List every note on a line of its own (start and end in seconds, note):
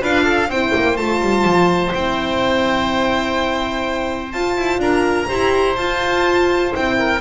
0.00 0.48 D4
0.00 0.48 F4
0.00 0.24 B4
0.00 0.51 F5
0.24 0.48 A4
0.48 0.72 C4
0.48 0.97 E4
0.48 4.81 C5
0.48 0.96 G5
0.75 0.98 A#3
0.96 1.21 A3
0.96 1.92 F4
0.96 1.93 A5
1.21 1.45 G3
1.45 1.93 F3
1.92 4.34 C4
1.92 4.32 E4
1.92 4.32 G5
4.32 5.28 F4
4.32 4.57 F4
4.32 4.80 A5
4.57 4.79 E4
4.79 5.27 D4
4.79 5.28 A#4
4.79 5.76 A#5
5.28 5.77 E4
5.28 5.76 G4
5.28 6.96 C5
5.76 6.73 F4
5.76 6.71 F4
5.76 6.72 A5
6.71 7.21 C4
6.71 7.19 E4
6.71 7.21 G5
6.99 7.21 A#4